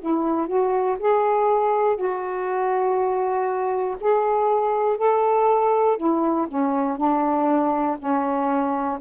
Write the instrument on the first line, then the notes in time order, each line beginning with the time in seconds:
saxophone
0.00 E4
0.47 F#4
0.99 G#4
1.96 F#4
4.00 G#4
4.97 A4
5.97 E4
6.48 C#4
6.97 D4
7.99 C#4